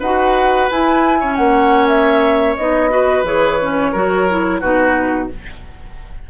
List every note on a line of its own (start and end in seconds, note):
0.00 0.69 D#4
0.00 0.71 F#4
0.00 1.19 B4
0.00 0.70 F#5
0.71 1.22 E4
0.71 1.38 E4
0.71 1.37 G#5
1.20 2.58 C#4
1.20 2.91 C#5
1.37 2.58 A#3
1.37 1.88 F#5
1.88 2.56 E5
2.57 3.24 B3
2.57 2.90 D#4
2.57 3.25 D#5
2.90 3.24 F#4
2.90 3.92 B4
3.24 3.92 E3
3.24 3.60 G#4
3.24 4.61 C#5
3.62 3.95 C#4
3.92 4.62 F#3
3.92 4.29 F#4
3.92 4.61 A#4
4.29 4.62 E4
4.61 5.30 B2
4.61 5.30 D#4
4.61 5.29 F#4
4.61 5.29 B4